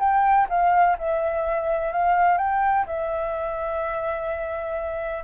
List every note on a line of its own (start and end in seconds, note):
0.00 0.48 G5
0.49 0.97 F5
0.98 1.93 E5
1.93 2.38 F5
2.38 2.86 G5
2.87 5.24 E5